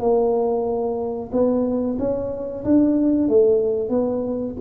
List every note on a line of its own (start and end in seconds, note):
0.00 1.30 A#3
1.32 1.97 B3
1.99 2.64 C#4
2.64 3.28 D4
3.28 3.89 A3
3.89 4.54 B3